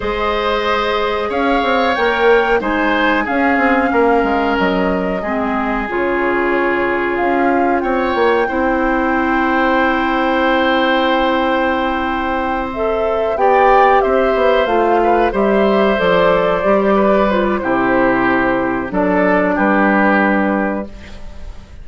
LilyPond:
<<
  \new Staff \with { instrumentName = "flute" } { \time 4/4 \tempo 4 = 92 dis''2 f''4 g''4 | gis''4 f''2 dis''4~ | dis''4 cis''2 f''4 | g''1~ |
g''2.~ g''8 e''8~ | e''8 g''4 e''4 f''4 e''8~ | e''8 d''2 c''16 d''16 c''4~ | c''4 d''4 b'2 | }
  \new Staff \with { instrumentName = "oboe" } { \time 4/4 c''2 cis''2 | c''4 gis'4 ais'2 | gis'1 | cis''4 c''2.~ |
c''1~ | c''8 d''4 c''4. b'8 c''8~ | c''2 b'4 g'4~ | g'4 a'4 g'2 | }
  \new Staff \with { instrumentName = "clarinet" } { \time 4/4 gis'2. ais'4 | dis'4 cis'2. | c'4 f'2.~ | f'4 e'2.~ |
e'2.~ e'8 a'8~ | a'8 g'2 f'4 g'8~ | g'8 a'4 g'4 f'8 e'4~ | e'4 d'2. | }
  \new Staff \with { instrumentName = "bassoon" } { \time 4/4 gis2 cis'8 c'8 ais4 | gis4 cis'8 c'8 ais8 gis8 fis4 | gis4 cis2 cis'4 | c'8 ais8 c'2.~ |
c'1~ | c'8 b4 c'8 b8 a4 g8~ | g8 f4 g4. c4~ | c4 fis4 g2 | }
>>